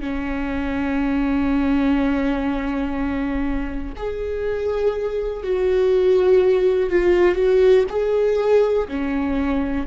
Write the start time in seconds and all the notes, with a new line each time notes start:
0.00 C#4
3.96 G#4
5.43 F#4
6.89 F4
7.35 F#4
7.89 G#4
8.88 C#4